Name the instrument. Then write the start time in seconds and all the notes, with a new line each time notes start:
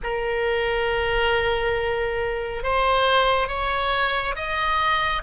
oboe
0.03 A#4
2.63 C5
3.48 C#5
4.35 D#5